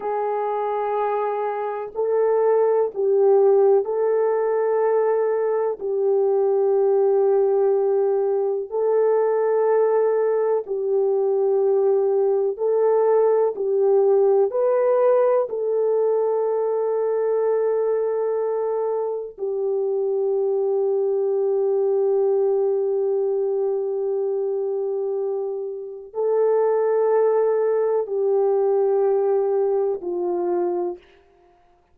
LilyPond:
\new Staff \with { instrumentName = "horn" } { \time 4/4 \tempo 4 = 62 gis'2 a'4 g'4 | a'2 g'2~ | g'4 a'2 g'4~ | g'4 a'4 g'4 b'4 |
a'1 | g'1~ | g'2. a'4~ | a'4 g'2 f'4 | }